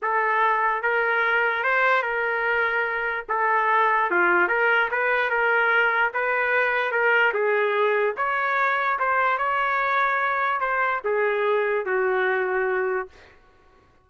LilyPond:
\new Staff \with { instrumentName = "trumpet" } { \time 4/4 \tempo 4 = 147 a'2 ais'2 | c''4 ais'2. | a'2 f'4 ais'4 | b'4 ais'2 b'4~ |
b'4 ais'4 gis'2 | cis''2 c''4 cis''4~ | cis''2 c''4 gis'4~ | gis'4 fis'2. | }